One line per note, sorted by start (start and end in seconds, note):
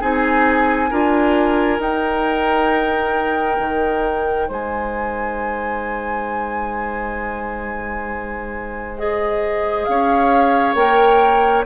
0.00 0.91 C4
0.00 0.90 D#4
0.00 0.90 G#4
0.00 1.81 G#5
0.90 1.79 D4
0.90 1.78 F4
0.90 4.48 A#4
1.78 8.95 D#4
1.78 3.58 D#4
1.78 4.50 G5
3.59 4.49 D#3
4.48 9.86 G#3
4.48 9.85 C5
4.48 8.98 G#5
8.98 10.76 G#4
8.98 9.85 D#5
9.85 10.75 C#4
9.85 11.66 C#5
9.85 10.74 F5
10.74 11.65 A#3
10.74 11.65 A#4
10.74 11.64 G5